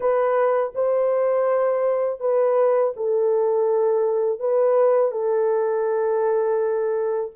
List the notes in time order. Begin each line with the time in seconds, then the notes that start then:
0.00 B4
0.75 C5
2.20 B4
2.96 A4
4.39 B4
5.11 A4